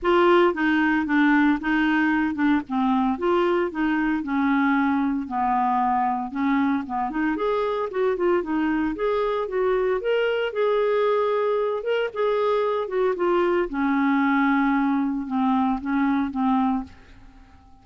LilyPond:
\new Staff \with { instrumentName = "clarinet" } { \time 4/4 \tempo 4 = 114 f'4 dis'4 d'4 dis'4~ | dis'8 d'8 c'4 f'4 dis'4 | cis'2 b2 | cis'4 b8 dis'8 gis'4 fis'8 f'8 |
dis'4 gis'4 fis'4 ais'4 | gis'2~ gis'8 ais'8 gis'4~ | gis'8 fis'8 f'4 cis'2~ | cis'4 c'4 cis'4 c'4 | }